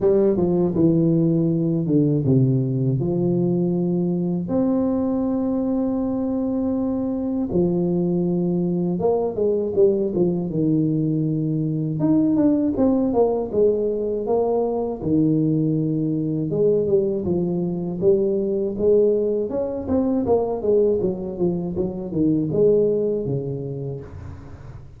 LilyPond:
\new Staff \with { instrumentName = "tuba" } { \time 4/4 \tempo 4 = 80 g8 f8 e4. d8 c4 | f2 c'2~ | c'2 f2 | ais8 gis8 g8 f8 dis2 |
dis'8 d'8 c'8 ais8 gis4 ais4 | dis2 gis8 g8 f4 | g4 gis4 cis'8 c'8 ais8 gis8 | fis8 f8 fis8 dis8 gis4 cis4 | }